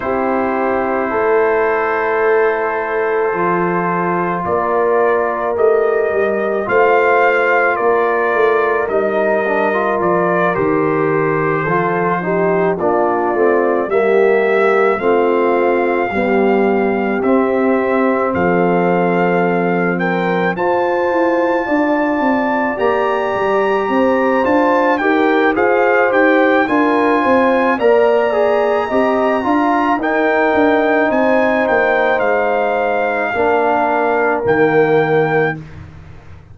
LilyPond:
<<
  \new Staff \with { instrumentName = "trumpet" } { \time 4/4 \tempo 4 = 54 c''1 | d''4 dis''4 f''4 d''4 | dis''4 d''8 c''2 d''8~ | d''8 e''4 f''2 e''8~ |
e''8 f''4. g''8 a''4.~ | a''8 ais''4. a''8 g''8 f''8 g''8 | gis''4 ais''2 g''4 | gis''8 g''8 f''2 g''4 | }
  \new Staff \with { instrumentName = "horn" } { \time 4/4 g'4 a'2. | ais'2 c''4 ais'4~ | ais'2~ ais'8 a'8 g'8 f'8~ | f'8 g'4 f'4 g'4.~ |
g'8 a'4. ais'8 c''4 d''8~ | d''4. c''4 ais'8 c''4 | ais'8 c''8 d''4 dis''8 f''8 ais'4 | c''2 ais'2 | }
  \new Staff \with { instrumentName = "trombone" } { \time 4/4 e'2. f'4~ | f'4 g'4 f'2 | dis'8 d'16 f'8. g'4 f'8 dis'8 d'8 | c'8 ais4 c'4 g4 c'8~ |
c'2~ c'8 f'4.~ | f'8 g'4. f'8 g'8 gis'8 g'8 | f'4 ais'8 gis'8 g'8 f'8 dis'4~ | dis'2 d'4 ais4 | }
  \new Staff \with { instrumentName = "tuba" } { \time 4/4 c'4 a2 f4 | ais4 a8 g8 a4 ais8 a8 | g4 f8 dis4 f4 ais8 | a8 g4 a4 b4 c'8~ |
c'8 f2 f'8 e'8 d'8 | c'8 ais8 g8 c'8 d'8 dis'8 f'8 dis'8 | d'8 c'8 ais4 c'8 d'8 dis'8 d'8 | c'8 ais8 gis4 ais4 dis4 | }
>>